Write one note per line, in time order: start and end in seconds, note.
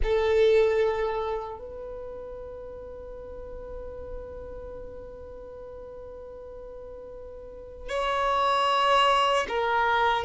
0.03 1.58 A4
1.58 7.88 B4
7.88 9.46 C#5
9.48 10.24 A#4